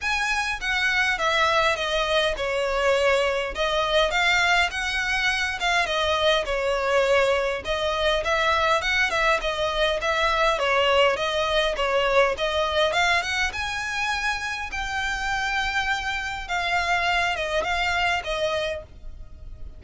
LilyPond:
\new Staff \with { instrumentName = "violin" } { \time 4/4 \tempo 4 = 102 gis''4 fis''4 e''4 dis''4 | cis''2 dis''4 f''4 | fis''4. f''8 dis''4 cis''4~ | cis''4 dis''4 e''4 fis''8 e''8 |
dis''4 e''4 cis''4 dis''4 | cis''4 dis''4 f''8 fis''8 gis''4~ | gis''4 g''2. | f''4. dis''8 f''4 dis''4 | }